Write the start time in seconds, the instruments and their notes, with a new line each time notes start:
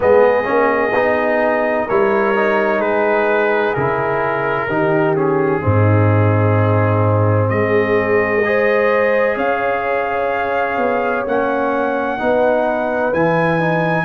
0.00 tuba G#3, trombone B3, horn G#4, trumpet D#5
0.44 tuba A#3, trombone C#4
0.93 tuba B3, trombone D#4
1.86 tuba G3, trombone E4, horn A#4, trumpet C#5
2.35 trombone D#4
2.79 tuba G#3, horn G#4, trumpet B4
3.74 tuba C#3, trombone E4, trumpet A#4
4.67 tuba D#3, trombone D#4, horn G4
5.15 trombone C#4, trumpet G#4
5.61 tuba G#2, trombone C4, horn D#4
7.49 tuba G#3, horn G#4, trumpet D#5
8.44 trombone G#4, horn C5
9.36 tuba C#4, horn C#5, trumpet F5
10.77 tuba B3
11.26 tuba A#3, trombone C#4, trumpet F#5
12.18 tuba B3, trombone D#4, horn B4
13.13 tuba E3, trombone E4, trumpet G#5
13.59 trombone D#4